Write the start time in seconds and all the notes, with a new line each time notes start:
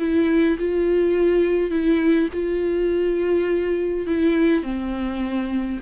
0.00 E4
0.60 F4
1.71 E4
2.34 F4
4.08 E4
4.63 C4